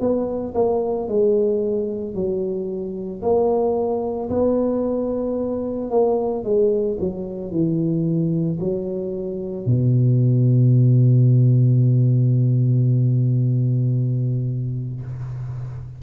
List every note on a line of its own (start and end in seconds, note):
0.00 0.54 B3
0.55 1.08 A#3
1.08 2.15 G#3
2.15 3.22 F#3
3.22 4.30 A#3
4.30 5.90 B3
5.90 6.44 A#3
6.44 6.97 G#3
7.00 7.51 F#3
7.51 8.58 E3
8.60 9.66 F#3
9.66 15.01 B2